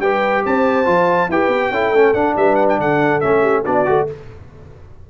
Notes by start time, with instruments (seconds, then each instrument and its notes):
0.00 tuba G3, trombone G4, horn B4, trumpet G5
0.46 tuba C4, horn C5, trumpet A5
0.86 tuba F3, trombone F4
1.29 tuba E4, trombone G4, horn B4, trumpet G5
1.49 tuba B3
1.71 tuba C#4, trombone E4, horn A4
1.92 tuba A3, trombone C#4
2.14 tuba D4, trombone D4, trumpet F#5
2.37 tuba G3, horn B4, trumpet E5
2.56 trumpet F#5
2.69 trumpet G5
2.79 tuba D3, horn A4, trumpet F#5
3.21 tuba A3, trombone C#4, trumpet E5
3.42 horn G4
3.64 tuba B3, trombone D4, horn F#4, trumpet D5
3.86 tuba A3, trombone F#4